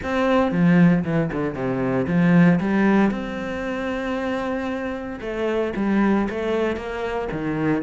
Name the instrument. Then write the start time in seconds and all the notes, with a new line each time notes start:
cello
0.03 C4
0.51 F3
1.04 E3
1.32 D3
1.54 C3
2.07 F3
2.60 G3
3.10 C4
5.20 A3
5.76 G3
6.29 A3
6.76 A#3
7.32 D#3